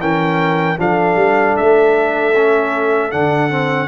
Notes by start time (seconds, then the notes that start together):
0.00 E3 C#4 A#4 G5
0.78 F3 D4 A4 F5
1.15 G3
1.57 A3 E5
2.36 C#4
3.11 D3 D4 F#5
3.50 C4